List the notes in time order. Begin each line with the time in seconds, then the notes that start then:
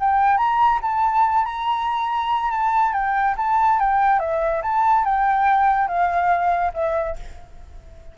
0.00 G5
0.38 A#5
0.82 A5
1.45 A#5
2.51 A5
2.93 G5
3.37 A5
3.80 G5
4.20 E5
4.63 A5
5.05 G5
5.88 F5
6.74 E5